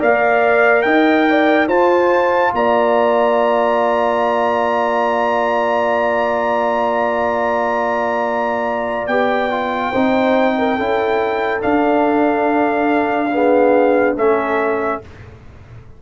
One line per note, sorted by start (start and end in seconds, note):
0.00 0.85 A#3
0.00 1.69 A#4
0.00 0.85 D5
0.00 0.82 F5
0.82 1.68 D#4
0.82 1.28 D#5
0.82 1.67 G5
1.30 1.68 D5
1.68 2.53 F4
1.68 9.10 F4
1.68 2.52 C5
1.68 2.53 A5
2.54 9.08 A#3
2.54 9.91 D5
2.54 9.07 A#5
9.07 9.92 B3
9.07 9.51 G4
9.07 11.61 G5
9.51 9.93 F4
9.91 10.78 C4
9.91 10.79 D#4
9.91 10.54 C5
10.58 10.77 A#4
10.77 11.63 C#4
10.77 11.61 E4
10.77 13.30 A4
11.61 13.30 D4
11.61 14.16 D4
11.61 14.16 F5
13.33 14.17 B3
13.33 14.16 G#4
14.16 15.00 A3
14.16 15.02 C#4
14.16 15.01 A4
14.16 15.02 E5